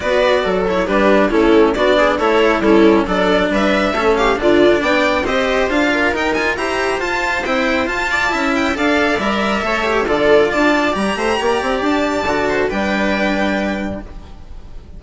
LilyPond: <<
  \new Staff \with { instrumentName = "violin" } { \time 4/4 \tempo 4 = 137 d''4. cis''8 b'4 a'4 | d''4 cis''4 a'4 d''4 | e''4. f''8 d''4 g''4 | dis''4 f''4 g''8 gis''8 ais''4 |
a''4 g''4 a''4. g''8 | f''4 e''2 d''4 | a''4 ais''2 a''4~ | a''4 g''2. | }
  \new Staff \with { instrumentName = "viola" } { \time 4/4 b'4 a'4 g'4 e'4 | fis'8 gis'8 a'4 e'4 a'4 | b'4 a'8 g'8 f'4 d''4 | c''4. ais'4. c''4~ |
c''2~ c''8 d''8 e''4 | d''2 cis''4 a'4 | d''4. c''8 d''2~ | d''8 c''8 b'2. | }
  \new Staff \with { instrumentName = "cello" } { \time 4/4 fis'4. e'8 d'4 cis'4 | d'4 e'4 cis'4 d'4~ | d'4 cis'4 d'2 | g'4 f'4 dis'8 f'8 g'4 |
f'4 e'4 f'4 e'4 | a'4 ais'4 a'8 g'8 f'4~ | f'4 g'2. | fis'4 d'2. | }
  \new Staff \with { instrumentName = "bassoon" } { \time 4/4 b4 fis4 g4 a4 | b4 a4 g4 fis4 | g4 a4 d4 b4 | c'4 d'4 dis'4 e'4 |
f'4 c'4 f'4 cis'4 | d'4 g4 a4 d4 | d'4 g8 a8 ais8 c'8 d'4 | d4 g2. | }
>>